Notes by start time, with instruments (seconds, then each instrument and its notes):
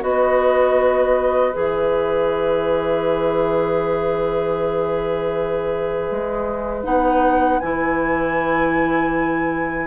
0.00 bassoon B3, clarinet F#4, oboe B4, flute D#5
1.53 bassoon E3, clarinet G#4, flute E5
6.10 bassoon G#3
6.83 bassoon B3, clarinet D#4, flute F#5
7.59 bassoon E3, clarinet E4, flute G#5